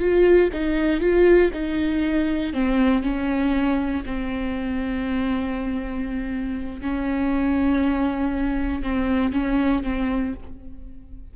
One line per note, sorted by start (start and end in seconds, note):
0.00 0.50 F4
0.53 1.01 D#4
1.01 1.51 F4
1.54 2.54 D#4
2.54 3.03 C4
3.03 4.04 C#4
4.06 6.81 C4
6.81 8.83 C#4
8.83 9.33 C4
9.33 9.83 C#4
9.84 10.34 C4